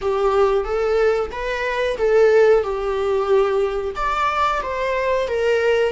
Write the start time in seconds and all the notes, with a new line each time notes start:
0.01 G4
0.64 A4
1.31 B4
1.97 A4
2.63 G4
3.95 D5
4.62 C5
5.27 A#4